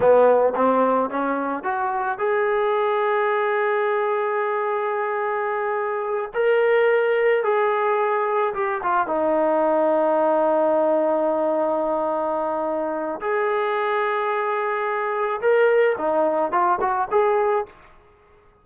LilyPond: \new Staff \with { instrumentName = "trombone" } { \time 4/4 \tempo 4 = 109 b4 c'4 cis'4 fis'4 | gis'1~ | gis'2.~ gis'8 ais'8~ | ais'4. gis'2 g'8 |
f'8 dis'2.~ dis'8~ | dis'1 | gis'1 | ais'4 dis'4 f'8 fis'8 gis'4 | }